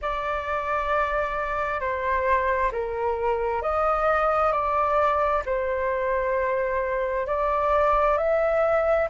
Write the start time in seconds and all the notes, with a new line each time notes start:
0.01 D5
1.80 C5
2.71 A#4
3.62 D#5
4.52 D5
5.45 C5
7.26 D5
8.17 E5